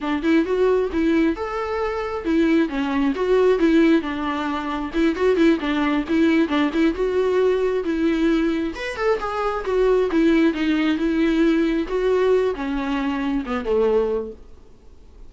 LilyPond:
\new Staff \with { instrumentName = "viola" } { \time 4/4 \tempo 4 = 134 d'8 e'8 fis'4 e'4 a'4~ | a'4 e'4 cis'4 fis'4 | e'4 d'2 e'8 fis'8 | e'8 d'4 e'4 d'8 e'8 fis'8~ |
fis'4. e'2 b'8 | a'8 gis'4 fis'4 e'4 dis'8~ | dis'8 e'2 fis'4. | cis'2 b8 a4. | }